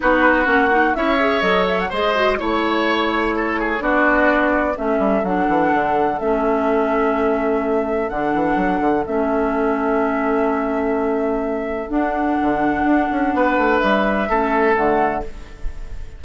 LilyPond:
<<
  \new Staff \with { instrumentName = "flute" } { \time 4/4 \tempo 4 = 126 b'4 fis''4 e''4 dis''8 e''16 fis''16 | dis''4 cis''2. | d''2 e''4 fis''4~ | fis''4 e''2.~ |
e''4 fis''2 e''4~ | e''1~ | e''4 fis''2.~ | fis''4 e''2 fis''4 | }
  \new Staff \with { instrumentName = "oboe" } { \time 4/4 fis'2 cis''2 | c''4 cis''2 a'8 gis'8 | fis'2 a'2~ | a'1~ |
a'1~ | a'1~ | a'1 | b'2 a'2 | }
  \new Staff \with { instrumentName = "clarinet" } { \time 4/4 dis'4 cis'8 dis'8 e'8 gis'8 a'4 | gis'8 fis'8 e'2. | d'2 cis'4 d'4~ | d'4 cis'2.~ |
cis'4 d'2 cis'4~ | cis'1~ | cis'4 d'2.~ | d'2 cis'4 a4 | }
  \new Staff \with { instrumentName = "bassoon" } { \time 4/4 b4 ais4 cis'4 fis4 | gis4 a2. | b2 a8 g8 fis8 e8 | d4 a2.~ |
a4 d8 e8 fis8 d8 a4~ | a1~ | a4 d'4 d4 d'8 cis'8 | b8 a8 g4 a4 d4 | }
>>